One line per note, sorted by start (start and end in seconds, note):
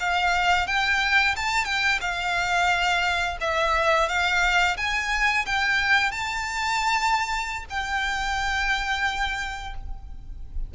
0.00 0.68 F5
0.68 1.36 G5
1.37 1.65 A5
1.65 2.00 G5
2.01 3.37 F5
3.41 4.09 E5
4.09 4.77 F5
4.77 5.45 G#5
5.46 6.12 G5
6.12 7.65 A5
7.70 9.75 G5